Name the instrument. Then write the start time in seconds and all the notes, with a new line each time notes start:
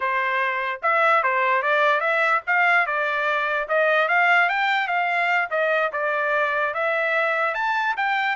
trumpet
0.00 C5
0.82 E5
1.23 C5
1.62 D5
2.00 E5
2.47 F5
2.86 D5
3.68 D#5
4.08 F5
4.49 G5
4.87 F5
5.50 D#5
5.92 D5
6.73 E5
7.54 A5
7.96 G5